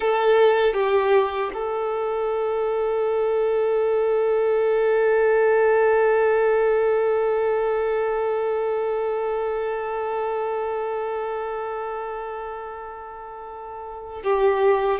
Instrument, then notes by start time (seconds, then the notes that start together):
violin
0.00 A4
0.73 G4
1.53 A4
14.23 G4